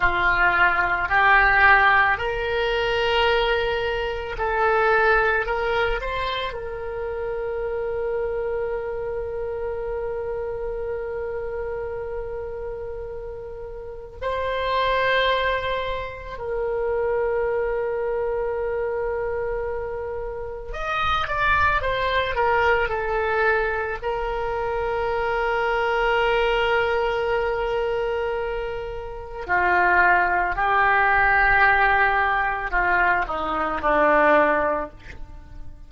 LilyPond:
\new Staff \with { instrumentName = "oboe" } { \time 4/4 \tempo 4 = 55 f'4 g'4 ais'2 | a'4 ais'8 c''8 ais'2~ | ais'1~ | ais'4 c''2 ais'4~ |
ais'2. dis''8 d''8 | c''8 ais'8 a'4 ais'2~ | ais'2. f'4 | g'2 f'8 dis'8 d'4 | }